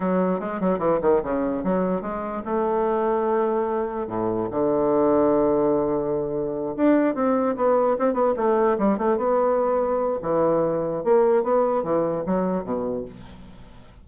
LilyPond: \new Staff \with { instrumentName = "bassoon" } { \time 4/4 \tempo 4 = 147 fis4 gis8 fis8 e8 dis8 cis4 | fis4 gis4 a2~ | a2 a,4 d4~ | d1~ |
d8 d'4 c'4 b4 c'8 | b8 a4 g8 a8 b4.~ | b4 e2 ais4 | b4 e4 fis4 b,4 | }